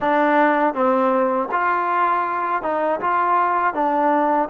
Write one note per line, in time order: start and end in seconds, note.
0.00 0.74 D4
0.74 1.49 C4
1.51 2.62 F4
2.62 3.00 D#4
3.00 3.73 F4
3.73 4.48 D4